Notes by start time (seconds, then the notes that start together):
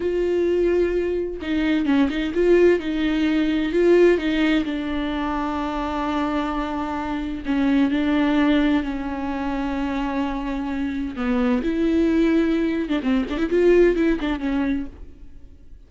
0.00 F4
1.41 D#4
1.85 C#4
2.09 D#4
2.34 F4
2.79 D#4
3.72 F4
4.18 D#4
4.64 D4
7.45 C#4
7.91 D4
8.83 C#4
11.15 B3
11.63 E4
12.88 D4
13.02 C4
13.29 D4
13.37 E4
13.49 F4
13.96 E4
14.20 D4
14.39 C#4